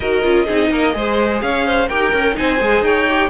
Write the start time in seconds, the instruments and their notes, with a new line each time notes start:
0.00 cello D#4, viola F#4, violin A#4 D#5
0.22 cello C#4, viola F4
0.45 cello C4, viola D#4, violin G#4
0.70 cello A#3, violin A#4
0.92 cello G#3, viola G#4, violin C5
1.41 cello C#4, violin C#5 F5
1.65 violin C5
1.88 cello D#4, viola G4, violin A#4 G5
2.12 cello C#4, viola A#4
2.33 cello C4, viola D#4, violin C5 G#5
2.59 cello G#3, viola G#4
2.81 cello D#4, violin C#5 G5
3.09 viola G4